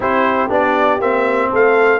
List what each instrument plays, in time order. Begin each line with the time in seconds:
0.00 tuba C4, trombone E4, horn G4, trumpet C5
0.49 tuba B3, trombone D4, trumpet D5
0.99 tuba A#3, trombone C4, trumpet E5
1.49 tuba A3, horn A4, trumpet F5